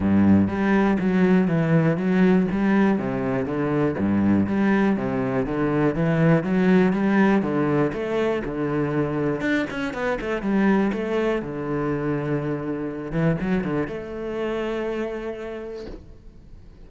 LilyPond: \new Staff \with { instrumentName = "cello" } { \time 4/4 \tempo 4 = 121 g,4 g4 fis4 e4 | fis4 g4 c4 d4 | g,4 g4 c4 d4 | e4 fis4 g4 d4 |
a4 d2 d'8 cis'8 | b8 a8 g4 a4 d4~ | d2~ d8 e8 fis8 d8 | a1 | }